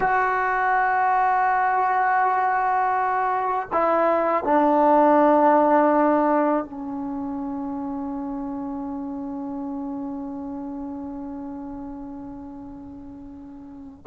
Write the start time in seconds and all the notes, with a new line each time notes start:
0.00 F#4
3.72 E4
4.43 D4
6.64 C#4